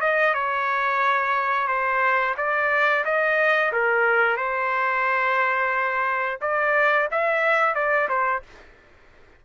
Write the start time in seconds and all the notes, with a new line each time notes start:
0.00 D#5
0.34 C#5
1.67 C5
2.37 D5
3.04 D#5
3.72 A#4
4.37 C5
6.41 D5
7.11 E5
7.74 D5
8.08 C5